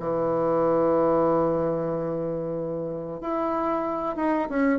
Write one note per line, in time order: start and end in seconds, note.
0.00 3.21 E3
3.21 4.16 E4
4.16 4.49 D#4
4.50 4.79 C#4